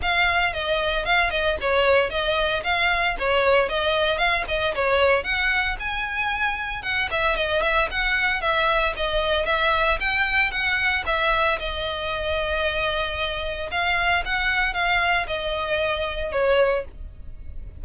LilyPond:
\new Staff \with { instrumentName = "violin" } { \time 4/4 \tempo 4 = 114 f''4 dis''4 f''8 dis''8 cis''4 | dis''4 f''4 cis''4 dis''4 | f''8 dis''8 cis''4 fis''4 gis''4~ | gis''4 fis''8 e''8 dis''8 e''8 fis''4 |
e''4 dis''4 e''4 g''4 | fis''4 e''4 dis''2~ | dis''2 f''4 fis''4 | f''4 dis''2 cis''4 | }